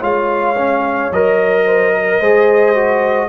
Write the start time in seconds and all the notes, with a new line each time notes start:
0.00 G#3 F4 C#5 F5
0.57 C#4
1.11 F#3 A#4 D#5
1.65 C5
1.93 A#4
2.20 G#3 G#4 C5
2.75 F#4